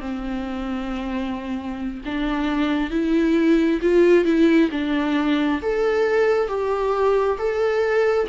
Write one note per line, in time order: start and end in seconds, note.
0.00 2.01 C4
2.05 2.91 D4
2.91 3.80 E4
3.81 4.25 F4
4.25 4.70 E4
4.71 5.61 D4
5.62 6.48 A4
6.48 7.38 G4
7.38 8.28 A4